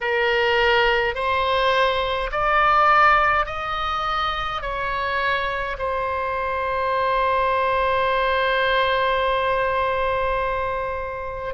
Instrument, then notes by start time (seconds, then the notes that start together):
oboe
0.01 A#4
1.14 C5
2.31 D5
3.46 D#5
4.61 C#5
5.78 C5